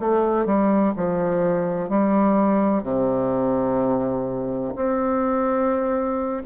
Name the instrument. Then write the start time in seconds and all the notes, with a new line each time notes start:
bassoon
0.00 A3
0.46 G3
0.97 F3
1.89 G3
2.84 C3
4.76 C4